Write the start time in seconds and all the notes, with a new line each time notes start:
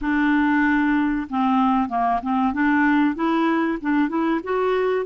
0.01 D4
1.29 C4
1.88 A#3
2.22 C4
2.53 D4
3.15 E4
3.81 D4
4.09 E4
4.43 F#4